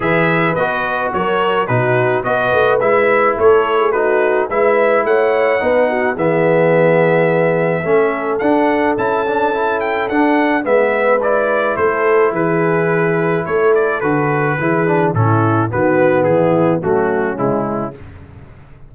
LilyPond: <<
  \new Staff \with { instrumentName = "trumpet" } { \time 4/4 \tempo 4 = 107 e''4 dis''4 cis''4 b'4 | dis''4 e''4 cis''4 b'4 | e''4 fis''2 e''4~ | e''2. fis''4 |
a''4. g''8 fis''4 e''4 | d''4 c''4 b'2 | cis''8 d''8 b'2 a'4 | b'4 gis'4 fis'4 e'4 | }
  \new Staff \with { instrumentName = "horn" } { \time 4/4 b'2 ais'4 fis'4 | b'2 a'8. gis'16 fis'4 | b'4 cis''4 b'8 fis'8 gis'4~ | gis'2 a'2~ |
a'2. b'4~ | b'4 a'4 gis'2 | a'2 gis'4 e'4 | fis'4 e'4 cis'2 | }
  \new Staff \with { instrumentName = "trombone" } { \time 4/4 gis'4 fis'2 dis'4 | fis'4 e'2 dis'4 | e'2 dis'4 b4~ | b2 cis'4 d'4 |
e'8 d'8 e'4 d'4 b4 | e'1~ | e'4 fis'4 e'8 d'8 cis'4 | b2 a4 gis4 | }
  \new Staff \with { instrumentName = "tuba" } { \time 4/4 e4 b4 fis4 b,4 | b8 a8 gis4 a2 | gis4 a4 b4 e4~ | e2 a4 d'4 |
cis'2 d'4 gis4~ | gis4 a4 e2 | a4 d4 e4 a,4 | dis4 e4 fis4 cis4 | }
>>